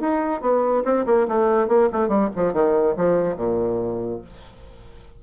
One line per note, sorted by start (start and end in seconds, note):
0.00 0.41 D#4
0.41 0.84 B3
0.85 1.06 C4
1.06 1.27 A#3
1.28 1.68 A3
1.68 1.89 A#3
1.92 2.08 A3
2.08 2.29 G3
2.35 2.53 F3
2.53 2.95 D#3
2.97 3.37 F3
3.37 4.21 A#2